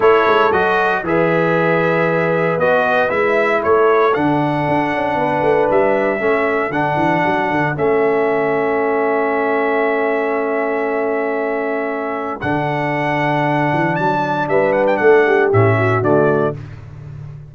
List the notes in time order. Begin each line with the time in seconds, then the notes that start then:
0.00 A3 E4 A4 C#5
0.27 G#3
0.52 F#3 F#4 D#5
1.02 E3 G#4 B4 E5
2.57 B3 F#4 D#5
3.09 G#3 E4 E5
3.62 A3 A4 C#5
4.14 D3 D4 F#5
4.68 D4
4.93 C#4
5.15 B3 B4
5.41 A3
5.70 G3 E5
6.19 A3 C#4 A4
6.69 D3 D4 F#5
6.96 E3
7.25 F#3
7.50 D3
7.74 A3 C#4 E5
12.41 D3 D4 F#5
13.72 E3
13.95 F#3 A5
14.48 G3 B4 E5
14.72 F#5
14.86 G5
14.96 A3 A4 F#5
15.26 G4
15.52 A2 C#4 E5
15.77 F#4
16.01 D3 A3 D5